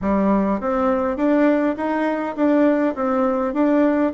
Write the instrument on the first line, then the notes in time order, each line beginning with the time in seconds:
bassoon
0.01 G3
0.60 C4
1.17 D4
1.76 D#4
2.36 D4
2.95 C4
3.53 D4